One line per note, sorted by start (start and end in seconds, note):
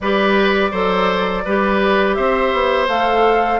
0.00 0.72 G3
0.00 0.72 G4
0.00 0.71 B4
0.00 2.14 D5
0.71 1.44 F#3
0.71 1.44 A4
0.71 1.43 C5
1.44 2.17 G3
1.44 2.88 G4
1.44 2.16 B4
2.14 2.53 C4
2.14 3.60 C5
2.14 2.86 E5
2.53 2.87 B3
2.87 3.60 A3
2.87 3.60 A4
2.87 3.60 F5